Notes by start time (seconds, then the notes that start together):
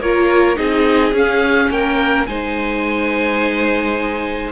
0.00 A#3 F4 A#4 C#5
0.55 C4 D#4 G#4 D#5
1.12 C#4 F5
1.70 A#3 A#4 G5
2.26 G#3 D#4 C5 G#5